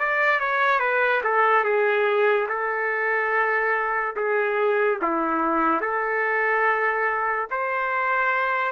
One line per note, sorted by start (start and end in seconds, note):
0.00 0.40 D5
0.40 0.80 C#5
0.80 1.22 B4
1.24 1.64 A4
1.64 2.48 G#4
2.49 4.16 A4
4.17 5.00 G#4
5.02 5.81 E4
5.81 7.48 A4
7.51 8.72 C5